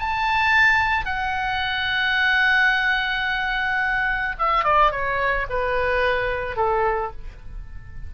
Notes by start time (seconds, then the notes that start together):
0.00 A5
1.06 F#5
4.39 E5
4.65 D5
4.92 C#5
5.50 B4
6.57 A4